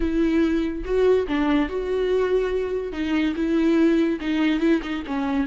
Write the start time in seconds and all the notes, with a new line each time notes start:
0.00 E4
0.84 F#4
1.27 D4
1.68 F#4
2.92 D#4
3.35 E4
4.20 D#4
4.60 E4
4.82 D#4
5.07 C#4